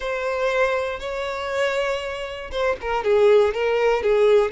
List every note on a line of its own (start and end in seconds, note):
0.00 0.99 C5
0.99 2.50 C#5
2.51 2.76 C5
2.81 3.04 A#4
3.04 3.54 G#4
3.54 4.02 A#4
4.02 4.51 G#4